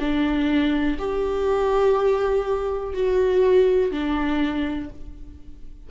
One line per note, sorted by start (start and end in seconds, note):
0.00 0.98 D4
0.99 2.95 G4
2.95 3.92 F#4
3.92 4.90 D4